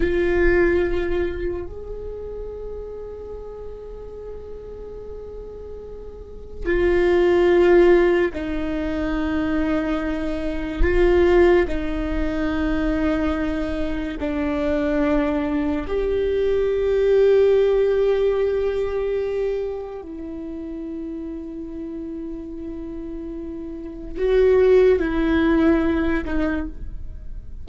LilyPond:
\new Staff \with { instrumentName = "viola" } { \time 4/4 \tempo 4 = 72 f'2 gis'2~ | gis'1 | f'2 dis'2~ | dis'4 f'4 dis'2~ |
dis'4 d'2 g'4~ | g'1 | e'1~ | e'4 fis'4 e'4. dis'8 | }